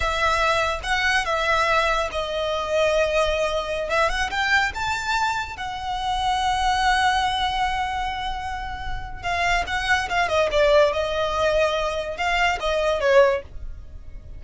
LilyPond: \new Staff \with { instrumentName = "violin" } { \time 4/4 \tempo 4 = 143 e''2 fis''4 e''4~ | e''4 dis''2.~ | dis''4~ dis''16 e''8 fis''8 g''4 a''8.~ | a''4~ a''16 fis''2~ fis''8.~ |
fis''1~ | fis''2 f''4 fis''4 | f''8 dis''8 d''4 dis''2~ | dis''4 f''4 dis''4 cis''4 | }